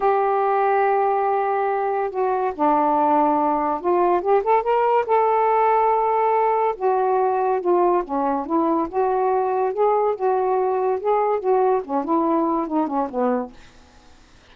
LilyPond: \new Staff \with { instrumentName = "saxophone" } { \time 4/4 \tempo 4 = 142 g'1~ | g'4 fis'4 d'2~ | d'4 f'4 g'8 a'8 ais'4 | a'1 |
fis'2 f'4 cis'4 | e'4 fis'2 gis'4 | fis'2 gis'4 fis'4 | cis'8 e'4. dis'8 cis'8 b4 | }